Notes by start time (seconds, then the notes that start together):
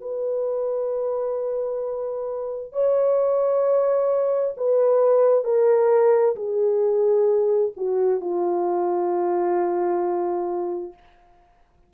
0.00 B4
2.72 C#5
4.57 B4
5.44 A#4
6.35 G#4
7.76 F#4
8.20 F4